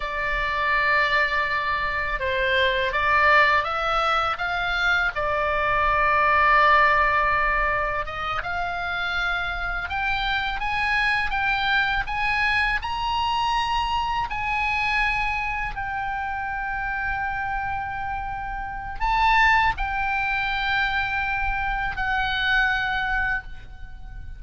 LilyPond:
\new Staff \with { instrumentName = "oboe" } { \time 4/4 \tempo 4 = 82 d''2. c''4 | d''4 e''4 f''4 d''4~ | d''2. dis''8 f''8~ | f''4. g''4 gis''4 g''8~ |
g''8 gis''4 ais''2 gis''8~ | gis''4. g''2~ g''8~ | g''2 a''4 g''4~ | g''2 fis''2 | }